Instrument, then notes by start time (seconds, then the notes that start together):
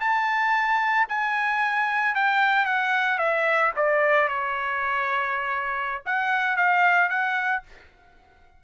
trumpet
0.00 A5
1.08 G#5
2.15 G5
2.65 F#5
3.18 E5
3.76 D5
4.28 C#5
6.05 F#5
6.56 F5
7.09 F#5